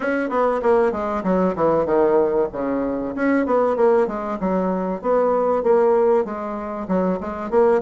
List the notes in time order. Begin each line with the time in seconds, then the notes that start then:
0.00 C#4
0.29 B3
0.62 A#3
0.92 G#3
1.23 F#3
1.55 E3
1.85 D#3
2.52 C#3
3.15 C#4
3.46 B3
3.76 A#3
4.07 G#3
4.40 F#3
5.01 B3
5.63 A#3
6.24 G#3
6.88 F#3
7.20 G#3
7.50 A#3